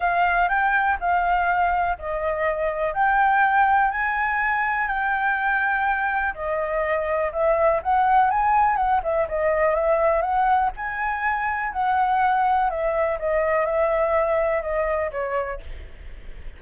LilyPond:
\new Staff \with { instrumentName = "flute" } { \time 4/4 \tempo 4 = 123 f''4 g''4 f''2 | dis''2 g''2 | gis''2 g''2~ | g''4 dis''2 e''4 |
fis''4 gis''4 fis''8 e''8 dis''4 | e''4 fis''4 gis''2 | fis''2 e''4 dis''4 | e''2 dis''4 cis''4 | }